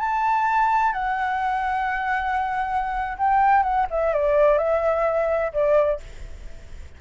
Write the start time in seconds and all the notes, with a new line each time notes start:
0.00 A5
0.93 F#5
3.18 G5
3.63 F#5
3.91 E5
4.14 D5
4.58 E5
5.53 D5